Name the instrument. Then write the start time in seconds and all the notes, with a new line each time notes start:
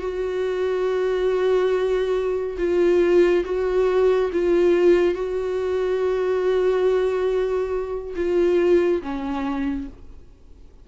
viola
0.00 F#4
2.59 F4
3.45 F#4
4.33 F4
5.15 F#4
8.16 F4
9.02 C#4